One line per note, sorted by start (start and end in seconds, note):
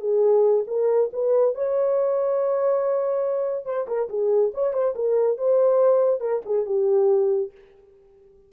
0.00 0.64 G#4
0.67 1.10 A#4
1.13 1.55 B4
1.55 3.65 C#5
3.65 3.86 C5
3.87 4.09 A#4
4.09 4.52 G#4
4.54 4.73 C#5
4.73 4.94 C5
4.95 5.37 A#4
5.37 6.20 C5
6.20 6.42 A#4
6.46 6.66 G#4
6.66 7.51 G4